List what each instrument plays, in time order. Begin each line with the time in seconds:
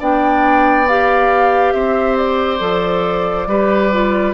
0.00 bassoon B3, clarinet D4, oboe D5, flute G5
0.89 clarinet G4, flute F5
1.73 bassoon C4, oboe C5, flute E5
2.17 flute D5
2.59 bassoon F3, clarinet A4
3.47 bassoon G3, clarinet G4, oboe B4
3.93 clarinet F4